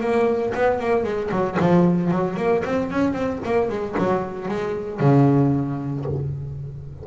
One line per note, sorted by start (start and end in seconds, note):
0.00 0.53 A#3
0.54 0.79 B3
0.79 1.03 A#3
1.03 1.30 G#3
1.31 1.57 F#3
1.59 2.11 F3
2.11 2.36 F#3
2.36 2.63 A#3
2.64 2.90 C4
2.90 3.13 C#4
3.13 3.39 C4
3.44 3.69 A#3
3.69 3.95 G#3
3.98 4.48 F#3
4.48 5.00 G#3
5.00 6.05 C#3